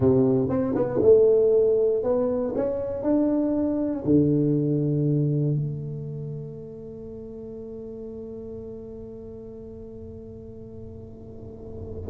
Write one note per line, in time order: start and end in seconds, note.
0.00 0.49 C3
0.49 0.74 C4
0.75 1.00 B3
1.02 2.03 A3
2.03 2.53 B3
2.55 3.02 C#4
3.02 4.03 D4
4.05 5.55 D3
5.55 12.09 A3